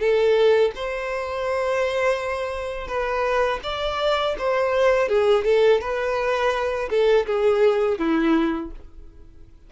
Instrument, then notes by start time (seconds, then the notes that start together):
violin
0.00 A4
0.76 C5
2.88 B4
3.64 D5
4.39 C5
5.09 G#4
5.45 A4
5.81 B4
6.90 A4
7.27 G#4
7.99 E4